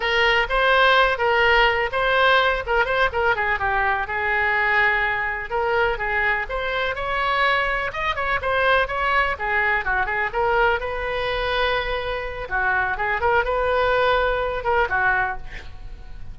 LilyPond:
\new Staff \with { instrumentName = "oboe" } { \time 4/4 \tempo 4 = 125 ais'4 c''4. ais'4. | c''4. ais'8 c''8 ais'8 gis'8 g'8~ | g'8 gis'2. ais'8~ | ais'8 gis'4 c''4 cis''4.~ |
cis''8 dis''8 cis''8 c''4 cis''4 gis'8~ | gis'8 fis'8 gis'8 ais'4 b'4.~ | b'2 fis'4 gis'8 ais'8 | b'2~ b'8 ais'8 fis'4 | }